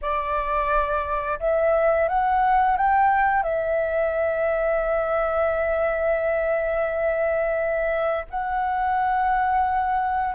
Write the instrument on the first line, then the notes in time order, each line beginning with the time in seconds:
flute
0.01 D5
1.39 E5
2.08 F#5
2.76 G5
3.42 E5
8.30 F#5